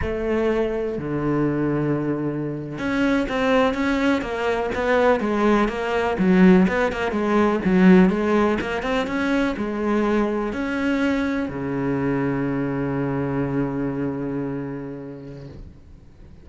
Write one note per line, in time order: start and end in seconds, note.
0.01 0.97 A3
0.97 2.78 D3
2.78 3.26 C#4
3.28 3.74 C4
3.74 4.21 C#4
4.21 4.69 A#3
4.74 5.19 B3
5.19 5.68 G#3
5.68 6.16 A#3
6.18 6.66 F#3
6.68 6.91 B3
6.91 7.11 A#3
7.11 7.60 G#3
7.65 8.09 F#3
8.09 8.58 G#3
8.60 8.82 A#3
8.82 9.06 C4
9.06 9.55 C#4
9.56 10.52 G#3
10.52 11.48 C#4
11.48 15.48 C#3